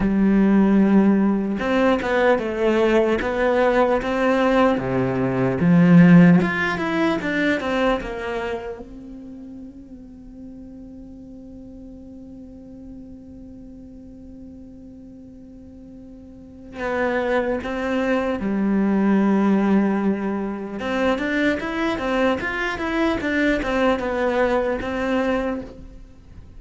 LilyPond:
\new Staff \with { instrumentName = "cello" } { \time 4/4 \tempo 4 = 75 g2 c'8 b8 a4 | b4 c'4 c4 f4 | f'8 e'8 d'8 c'8 ais4 c'4~ | c'1~ |
c'1~ | c'4 b4 c'4 g4~ | g2 c'8 d'8 e'8 c'8 | f'8 e'8 d'8 c'8 b4 c'4 | }